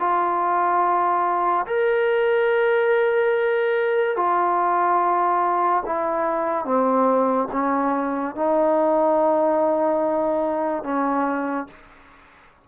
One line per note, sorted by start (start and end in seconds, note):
0.00 1.67 F4
1.67 4.17 A#4
4.17 5.83 F4
5.86 6.65 E4
6.65 7.48 C4
7.53 8.36 C#4
8.36 10.84 D#4
10.84 11.67 C#4